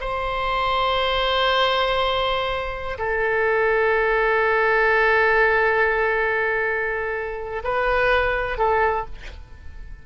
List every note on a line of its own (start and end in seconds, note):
0.00 2.98 C5
2.98 7.63 A4
7.64 8.58 B4
8.58 9.05 A4